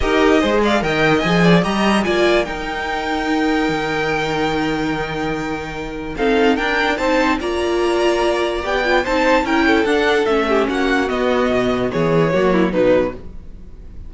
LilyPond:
<<
  \new Staff \with { instrumentName = "violin" } { \time 4/4 \tempo 4 = 146 dis''4. f''8 g''4 gis''4 | ais''4 gis''4 g''2~ | g''1~ | g''2. f''4 |
g''4 a''4 ais''2~ | ais''4 g''4 a''4 g''4 | fis''4 e''4 fis''4 dis''4~ | dis''4 cis''2 b'4 | }
  \new Staff \with { instrumentName = "violin" } { \time 4/4 ais'4 c''8 d''8 dis''4. d''8 | dis''4 d''4 ais'2~ | ais'1~ | ais'2. a'4 |
ais'4 c''4 d''2~ | d''2 c''4 ais'8 a'8~ | a'4. g'8 fis'2~ | fis'4 gis'4 fis'8 e'8 dis'4 | }
  \new Staff \with { instrumentName = "viola" } { \time 4/4 g'4 gis'4 ais'4 gis'4 | g'4 f'4 dis'2~ | dis'1~ | dis'2. c'4 |
d'4 dis'4 f'2~ | f'4 g'8 f'8 dis'4 e'4 | d'4 cis'2 b4~ | b2 ais4 fis4 | }
  \new Staff \with { instrumentName = "cello" } { \time 4/4 dis'4 gis4 dis4 f4 | g4 ais4 dis'2~ | dis'4 dis2.~ | dis2. dis'4 |
d'4 c'4 ais2~ | ais4 b4 c'4 cis'4 | d'4 a4 ais4 b4 | b,4 e4 fis4 b,4 | }
>>